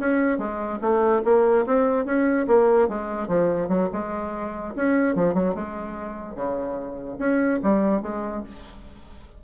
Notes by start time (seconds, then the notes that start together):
0.00 C#4
0.38 G#3
0.81 A3
1.25 A#3
1.66 C4
2.06 C#4
2.48 A#3
2.89 G#3
3.28 F3
3.69 F#3
3.93 G#3
4.76 C#4
5.16 F3
5.34 F#3
5.55 G#3
6.35 C#3
7.19 C#4
7.63 G3
8.02 G#3